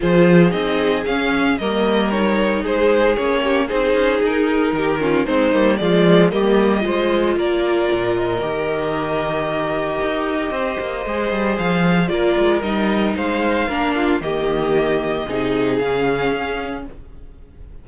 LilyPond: <<
  \new Staff \with { instrumentName = "violin" } { \time 4/4 \tempo 4 = 114 c''4 dis''4 f''4 dis''4 | cis''4 c''4 cis''4 c''4 | ais'2 c''4 d''4 | dis''2 d''4. dis''8~ |
dis''1~ | dis''2 f''4 d''4 | dis''4 f''2 dis''4~ | dis''2 f''2 | }
  \new Staff \with { instrumentName = "violin" } { \time 4/4 gis'2. ais'4~ | ais'4 gis'4. g'8 gis'4~ | gis'4 g'8 f'8 dis'4 f'4 | g'4 c''4 ais'2~ |
ais'1 | c''2. ais'4~ | ais'4 c''4 ais'8 f'8 g'4~ | g'4 gis'2. | }
  \new Staff \with { instrumentName = "viola" } { \time 4/4 f'4 dis'4 cis'4 ais4 | dis'2 cis'4 dis'4~ | dis'4. cis'8 c'8 ais8 gis4 | ais4 f'2. |
g'1~ | g'4 gis'2 f'4 | dis'2 d'4 ais4~ | ais4 dis'4 cis'2 | }
  \new Staff \with { instrumentName = "cello" } { \time 4/4 f4 c'4 cis'4 g4~ | g4 gis4 ais4 c'8 cis'8 | dis'4 dis4 gis8 g8 f4 | g4 gis4 ais4 ais,4 |
dis2. dis'4 | c'8 ais8 gis8 g8 f4 ais8 gis8 | g4 gis4 ais4 dis4~ | dis4 c4 cis4 cis'4 | }
>>